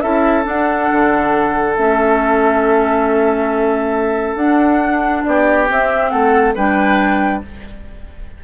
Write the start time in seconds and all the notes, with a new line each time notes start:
0.00 C#4 E4 A4 E5
0.43 D4 F#5
0.91 D3
1.75 A3 C#4 E5
4.35 D4 F#5
5.24 B3 G4 D5
5.68 C4 E5
6.10 A3 A4 F#5
6.55 G3 D4 B4 G5